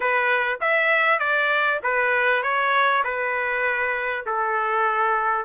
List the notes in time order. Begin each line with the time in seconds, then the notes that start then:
0.00 B4
0.60 E5
1.19 D5
1.83 B4
2.42 C#5
3.04 B4
4.26 A4